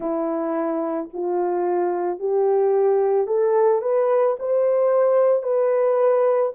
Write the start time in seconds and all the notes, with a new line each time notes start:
0.00 E4
1.13 F4
2.19 G4
3.27 A4
3.81 B4
4.39 C5
5.42 B4